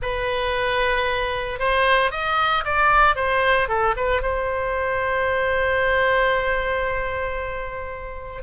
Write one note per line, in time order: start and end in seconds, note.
0.01 1.59 B4
1.59 2.11 C5
2.11 2.63 D#5
2.64 3.15 D5
3.15 3.68 C5
3.68 3.94 A4
3.96 4.22 B4
4.22 8.42 C5